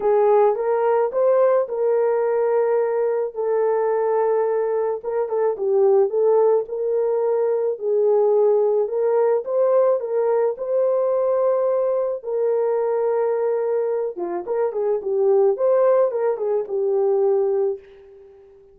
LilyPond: \new Staff \with { instrumentName = "horn" } { \time 4/4 \tempo 4 = 108 gis'4 ais'4 c''4 ais'4~ | ais'2 a'2~ | a'4 ais'8 a'8 g'4 a'4 | ais'2 gis'2 |
ais'4 c''4 ais'4 c''4~ | c''2 ais'2~ | ais'4. f'8 ais'8 gis'8 g'4 | c''4 ais'8 gis'8 g'2 | }